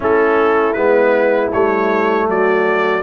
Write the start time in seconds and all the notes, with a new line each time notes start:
0.00 A3 C#4 E4 A4
0.73 G#3 B3 B4
1.52 G3 A3 C#5
2.27 F#3 F#4 D5